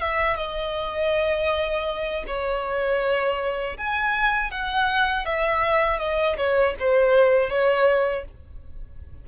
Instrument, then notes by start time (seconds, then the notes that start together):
violin
0.00 E5
0.36 D#5
2.27 C#5
3.77 G#5
4.50 F#5
5.25 E5
5.99 D#5
6.37 C#5
6.79 C5
7.49 C#5